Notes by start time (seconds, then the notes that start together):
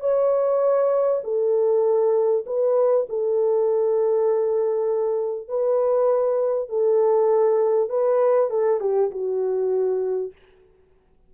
0.00 C#5
1.24 A4
2.46 B4
3.09 A4
5.48 B4
6.69 A4
7.90 B4
8.50 A4
8.80 G4
9.11 F#4